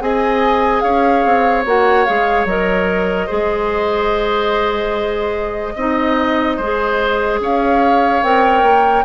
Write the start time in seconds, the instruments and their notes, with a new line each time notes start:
0.00 bassoon C4, clarinet G#4, oboe D#5, flute G#5
0.81 bassoon C#4, oboe C#5, flute F5
1.25 bassoon C4
1.65 bassoon A#3, clarinet F#4, flute F#5
2.05 bassoon G#3, clarinet G#4, flute F5
2.45 bassoon F#3, clarinet A#4, flute D#5
3.27 bassoon G#3, clarinet G#4, oboe C5
5.75 bassoon C4, clarinet D#4, oboe D#5
6.57 bassoon G#3, clarinet G#4, oboe C5
7.40 bassoon C#4, oboe C#5, flute F5
8.23 bassoon C4, clarinet A#4, flute G5
8.62 bassoon A#3